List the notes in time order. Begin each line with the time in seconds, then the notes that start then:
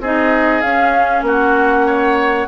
0.00 C4 D#4 G#4 D#5
0.61 C#4 F5
1.22 A#3 F#4 F#5
1.86 C#5